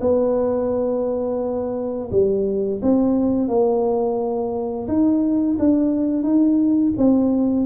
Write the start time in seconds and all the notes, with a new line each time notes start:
0.00 B3
2.11 G3
2.82 C4
3.48 A#3
4.87 D#4
5.58 D4
6.23 D#4
6.97 C4